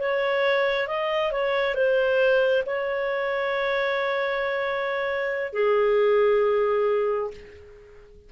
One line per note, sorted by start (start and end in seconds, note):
0.00 0.88 C#5
0.88 1.32 D#5
1.32 1.75 C#5
1.75 2.64 C5
2.66 5.53 C#5
5.53 7.31 G#4